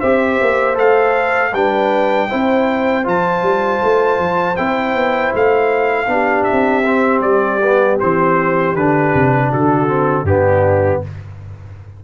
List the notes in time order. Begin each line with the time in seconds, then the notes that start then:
0.00 C4 G4 C5 E5
0.41 A#3
0.74 A3 A4 F5
1.53 G3 D4 B4 G5
2.28 C4 E4 C5
3.03 F3 F4 A5
3.42 G3
3.83 A3
4.18 F3
4.56 C4 E4 G5
4.94 B3
5.34 A3 F5
6.07 B3 D4 G4
6.43 E5
6.52 C4
6.85 C4
7.20 G3 D5
7.62 B3
7.99 E3 C4 C5
8.74 D3 D4 B4
9.14 C3
9.49 D3 F#4 A4
9.87 C4
10.23 G2 B3 D4 G4